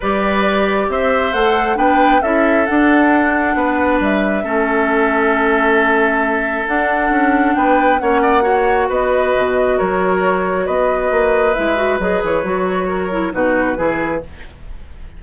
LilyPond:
<<
  \new Staff \with { instrumentName = "flute" } { \time 4/4 \tempo 4 = 135 d''2 e''4 fis''4 | g''4 e''4 fis''2~ | fis''4 e''2.~ | e''2. fis''4~ |
fis''4 g''4 fis''2 | dis''2 cis''2 | dis''2 e''4 dis''8 cis''8~ | cis''2 b'2 | }
  \new Staff \with { instrumentName = "oboe" } { \time 4/4 b'2 c''2 | b'4 a'2. | b'2 a'2~ | a'1~ |
a'4 b'4 cis''8 d''8 cis''4 | b'2 ais'2 | b'1~ | b'4 ais'4 fis'4 gis'4 | }
  \new Staff \with { instrumentName = "clarinet" } { \time 4/4 g'2. a'4 | d'4 e'4 d'2~ | d'2 cis'2~ | cis'2. d'4~ |
d'2 cis'4 fis'4~ | fis'1~ | fis'2 e'8 fis'8 gis'4 | fis'4. e'8 dis'4 e'4 | }
  \new Staff \with { instrumentName = "bassoon" } { \time 4/4 g2 c'4 a4 | b4 cis'4 d'2 | b4 g4 a2~ | a2. d'4 |
cis'4 b4 ais2 | b4 b,4 fis2 | b4 ais4 gis4 fis8 e8 | fis2 b,4 e4 | }
>>